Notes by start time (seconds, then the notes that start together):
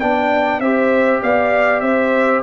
0.00 B3 D4 D5 G5
0.60 C4 G4 C5 E5
1.22 B3 D5 F5
1.80 C4 C5 E5